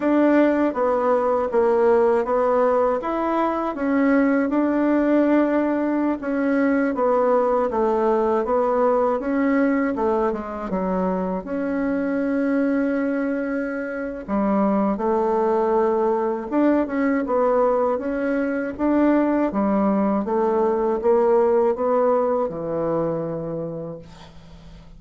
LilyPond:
\new Staff \with { instrumentName = "bassoon" } { \time 4/4 \tempo 4 = 80 d'4 b4 ais4 b4 | e'4 cis'4 d'2~ | d'16 cis'4 b4 a4 b8.~ | b16 cis'4 a8 gis8 fis4 cis'8.~ |
cis'2. g4 | a2 d'8 cis'8 b4 | cis'4 d'4 g4 a4 | ais4 b4 e2 | }